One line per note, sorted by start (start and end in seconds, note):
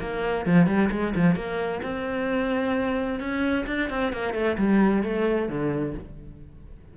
0.00 0.46 A#3
0.46 0.67 F3
0.67 0.90 G3
0.91 1.14 G#3
1.15 1.35 F3
1.35 1.81 A#3
1.83 3.20 C4
3.20 3.66 C#4
3.67 3.90 D4
3.90 4.13 C4
4.13 4.34 A#3
4.34 4.57 A3
4.58 5.03 G3
5.03 5.48 A3
5.48 5.94 D3